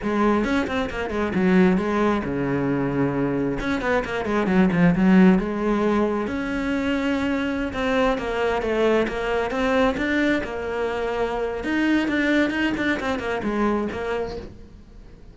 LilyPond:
\new Staff \with { instrumentName = "cello" } { \time 4/4 \tempo 4 = 134 gis4 cis'8 c'8 ais8 gis8 fis4 | gis4 cis2. | cis'8 b8 ais8 gis8 fis8 f8 fis4 | gis2 cis'2~ |
cis'4~ cis'16 c'4 ais4 a8.~ | a16 ais4 c'4 d'4 ais8.~ | ais2 dis'4 d'4 | dis'8 d'8 c'8 ais8 gis4 ais4 | }